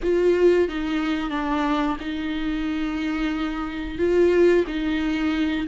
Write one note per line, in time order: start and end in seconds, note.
0.02 0.68 F4
0.68 1.30 D#4
1.30 1.96 D4
2.00 3.98 D#4
3.98 4.65 F4
4.67 5.67 D#4